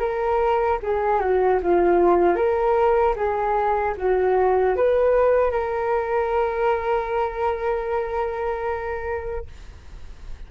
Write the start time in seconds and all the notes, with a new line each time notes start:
0.00 A#4
0.83 G#4
1.21 F#4
1.63 F4
2.36 A#4
3.16 G#4
3.98 F#4
4.77 B4
5.52 A#4